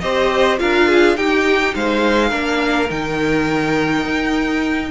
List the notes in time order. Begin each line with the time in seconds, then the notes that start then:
0.00 C4 G4 C5 D#5
0.58 D4 F4 A#4 F5
0.88 G#4
1.17 D#4 G4 G5
1.75 G#3 C5 F5
2.28 A#3 D4 A#4
2.89 D#3 D#4 G5
4.05 D#4